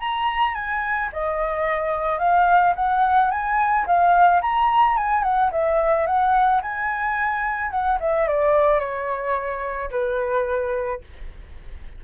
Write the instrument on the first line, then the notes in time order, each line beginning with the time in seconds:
flute
0.00 A#5
0.55 G#5
1.12 D#5
2.19 F5
2.76 F#5
3.31 G#5
3.86 F5
4.42 A#5
4.97 G#5
5.23 F#5
5.52 E5
6.06 F#5
6.62 G#5
7.71 F#5
8.00 E5
8.27 D5
8.80 C#5
9.91 B4